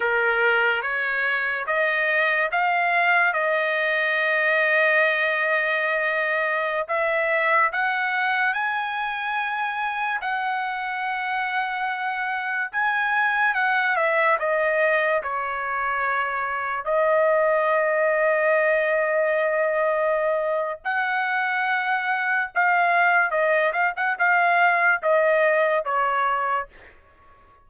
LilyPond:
\new Staff \with { instrumentName = "trumpet" } { \time 4/4 \tempo 4 = 72 ais'4 cis''4 dis''4 f''4 | dis''1~ | dis''16 e''4 fis''4 gis''4.~ gis''16~ | gis''16 fis''2. gis''8.~ |
gis''16 fis''8 e''8 dis''4 cis''4.~ cis''16~ | cis''16 dis''2.~ dis''8.~ | dis''4 fis''2 f''4 | dis''8 f''16 fis''16 f''4 dis''4 cis''4 | }